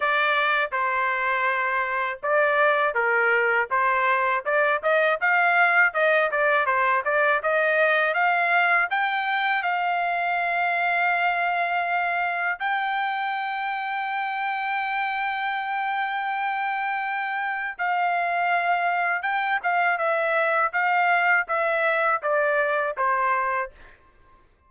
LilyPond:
\new Staff \with { instrumentName = "trumpet" } { \time 4/4 \tempo 4 = 81 d''4 c''2 d''4 | ais'4 c''4 d''8 dis''8 f''4 | dis''8 d''8 c''8 d''8 dis''4 f''4 | g''4 f''2.~ |
f''4 g''2.~ | g''1 | f''2 g''8 f''8 e''4 | f''4 e''4 d''4 c''4 | }